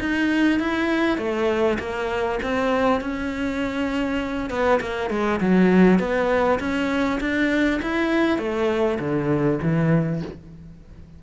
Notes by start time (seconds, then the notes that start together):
0.00 D#4
0.59 E4
1.18 A3
1.79 A#3
2.43 C4
3.01 C#4
4.50 B3
4.81 A#3
5.10 G#3
5.41 F#3
5.99 B3
6.60 C#4
7.21 D4
7.82 E4
8.39 A3
8.99 D3
9.62 E3